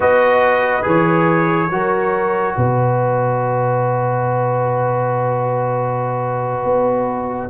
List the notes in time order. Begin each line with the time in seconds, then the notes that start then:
0.00 B3 F#4 B4 D#5
0.82 E3 G#4 C#5
1.70 F#3 F#4 A#4
2.56 B2 B4 D#5
6.63 B3